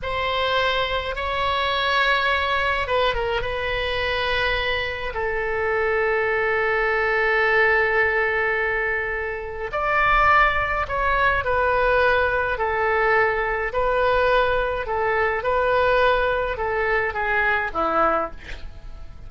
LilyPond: \new Staff \with { instrumentName = "oboe" } { \time 4/4 \tempo 4 = 105 c''2 cis''2~ | cis''4 b'8 ais'8 b'2~ | b'4 a'2.~ | a'1~ |
a'4 d''2 cis''4 | b'2 a'2 | b'2 a'4 b'4~ | b'4 a'4 gis'4 e'4 | }